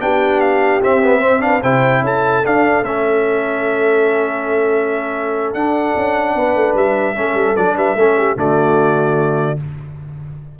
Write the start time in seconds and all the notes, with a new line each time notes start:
0.00 B3 D4 G4 G5
0.40 F5
0.82 C4 E5
1.03 B3
1.20 C4 C5
1.40 D4 B4 F5
1.62 C3 E4 C5 G5
2.01 C#4 A4 A5
2.44 D4 F5
2.82 A3 C#4 E5
5.53 D4 F#5
5.96 C#4
6.35 B3 B4
6.55 A3
6.74 G3 E5
7.15 A3 C#4 A4
7.34 G3
7.56 F#3 D4 D5
7.76 G3 B4 E5
7.94 A3 C#4 A4
8.17 G4
8.36 D3 A3 F#4 D5